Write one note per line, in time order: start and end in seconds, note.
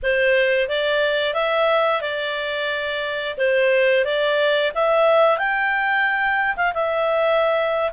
0.02 0.68 C5
0.68 1.34 D5
1.34 2.01 E5
2.01 3.36 D5
3.37 4.04 C5
4.04 4.72 D5
4.75 5.37 E5
5.37 6.55 G5
6.56 6.73 F5
6.74 7.92 E5